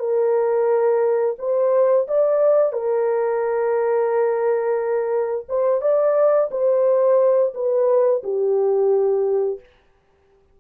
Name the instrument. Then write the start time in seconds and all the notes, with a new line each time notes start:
horn
0.00 A#4
1.39 C5
2.08 D5
2.73 A#4
5.49 C5
5.82 D5
6.51 C5
7.55 B4
8.24 G4